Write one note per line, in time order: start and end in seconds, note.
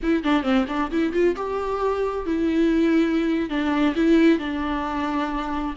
0.02 0.23 E4
0.23 0.43 D4
0.43 0.65 C4
0.68 0.90 D4
0.91 1.13 E4
1.13 1.35 F4
1.35 2.26 G4
2.26 3.49 E4
3.49 3.94 D4
3.95 4.39 E4
4.39 5.74 D4